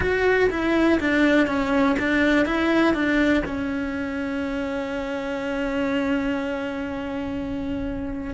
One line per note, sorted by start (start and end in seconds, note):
0.00 0.49 F#4
0.50 0.99 E4
1.00 1.46 D4
1.46 1.96 C#4
1.99 2.45 D4
2.45 2.94 E4
2.94 3.43 D4
3.45 8.34 C#4